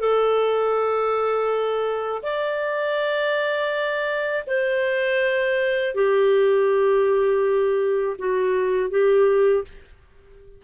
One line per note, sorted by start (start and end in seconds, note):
0.00 2.22 A4
2.23 4.45 D5
4.47 5.95 C5
5.95 8.17 G4
8.18 8.90 F#4
8.90 9.64 G4